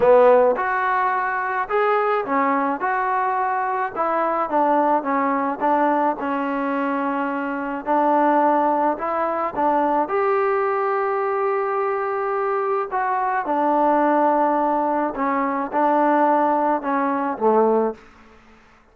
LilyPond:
\new Staff \with { instrumentName = "trombone" } { \time 4/4 \tempo 4 = 107 b4 fis'2 gis'4 | cis'4 fis'2 e'4 | d'4 cis'4 d'4 cis'4~ | cis'2 d'2 |
e'4 d'4 g'2~ | g'2. fis'4 | d'2. cis'4 | d'2 cis'4 a4 | }